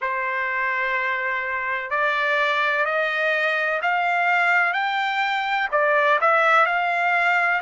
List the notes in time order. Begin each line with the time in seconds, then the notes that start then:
0.01 C5
1.90 D5
2.85 D#5
3.82 F5
4.73 G5
5.71 D5
6.20 E5
6.66 F5